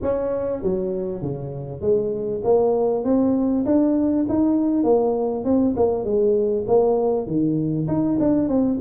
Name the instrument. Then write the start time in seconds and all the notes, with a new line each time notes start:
tuba
0.02 C#4
0.62 F#3
1.21 C#3
1.81 G#3
2.44 A#3
3.04 C4
3.65 D4
4.29 D#4
4.83 A#3
5.44 C4
5.76 A#3
6.04 G#3
6.67 A#3
7.26 D#3
7.87 D#4
8.19 D4
8.48 C4